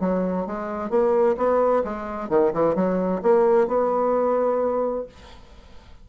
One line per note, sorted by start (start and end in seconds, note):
0.00 0.46 F#3
0.46 0.90 G#3
0.90 1.36 A#3
1.37 1.83 B3
1.84 2.29 G#3
2.29 2.52 D#3
2.53 2.75 E3
2.75 3.21 F#3
3.22 3.68 A#3
3.68 5.06 B3